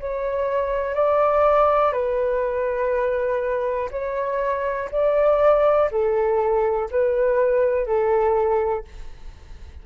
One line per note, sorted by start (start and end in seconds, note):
0.00 0.95 C#5
0.95 1.93 D5
1.93 3.90 B4
3.91 4.90 C#5
4.92 5.90 D5
5.92 6.90 A4
6.91 7.87 B4
7.87 8.85 A4